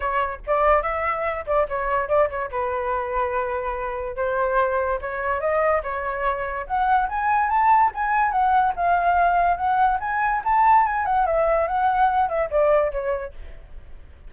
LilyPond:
\new Staff \with { instrumentName = "flute" } { \time 4/4 \tempo 4 = 144 cis''4 d''4 e''4. d''8 | cis''4 d''8 cis''8 b'2~ | b'2 c''2 | cis''4 dis''4 cis''2 |
fis''4 gis''4 a''4 gis''4 | fis''4 f''2 fis''4 | gis''4 a''4 gis''8 fis''8 e''4 | fis''4. e''8 d''4 cis''4 | }